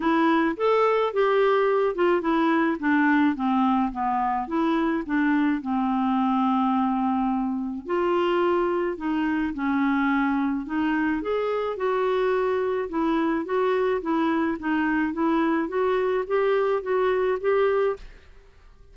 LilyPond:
\new Staff \with { instrumentName = "clarinet" } { \time 4/4 \tempo 4 = 107 e'4 a'4 g'4. f'8 | e'4 d'4 c'4 b4 | e'4 d'4 c'2~ | c'2 f'2 |
dis'4 cis'2 dis'4 | gis'4 fis'2 e'4 | fis'4 e'4 dis'4 e'4 | fis'4 g'4 fis'4 g'4 | }